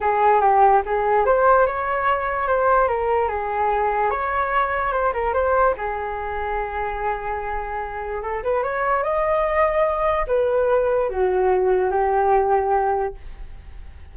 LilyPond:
\new Staff \with { instrumentName = "flute" } { \time 4/4 \tempo 4 = 146 gis'4 g'4 gis'4 c''4 | cis''2 c''4 ais'4 | gis'2 cis''2 | c''8 ais'8 c''4 gis'2~ |
gis'1 | a'8 b'8 cis''4 dis''2~ | dis''4 b'2 fis'4~ | fis'4 g'2. | }